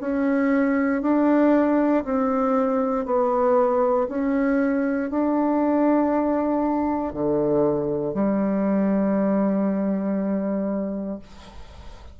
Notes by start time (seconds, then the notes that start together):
0.00 C#4
1.02 D4
2.04 C4
3.06 B3
4.09 C#4
5.11 D4
7.13 D3
8.14 G3